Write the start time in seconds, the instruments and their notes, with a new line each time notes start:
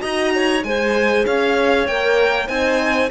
0.00 cello D#4, horn F#4, clarinet D#5, violin A#5
0.35 clarinet C#5
0.63 cello G#3, horn G#4, clarinet C5, violin G#5
1.26 cello C#4, clarinet C#5, violin F5
1.87 cello A#3, horn A#4, violin G5
2.47 cello C4, horn D#4, clarinet C5, violin G#5